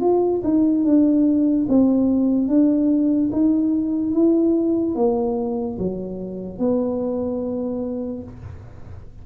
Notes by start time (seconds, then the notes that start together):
0.00 F4
0.43 D#4
0.84 D4
1.68 C4
2.48 D4
3.32 D#4
4.13 E4
4.95 A#3
5.78 F#3
6.58 B3